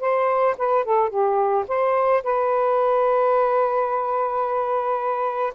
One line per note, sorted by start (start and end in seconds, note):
0.00 0.55 C5
0.57 0.84 B4
0.84 1.09 A4
1.09 1.64 G4
1.68 2.23 C5
2.23 5.53 B4